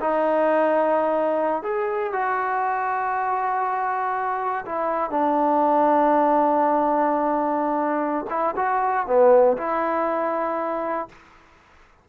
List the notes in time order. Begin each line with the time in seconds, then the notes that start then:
0.00 D#4
1.62 G#4
2.13 F#4
4.65 E4
5.11 D4
8.29 E4
8.56 F#4
9.06 B3
9.57 E4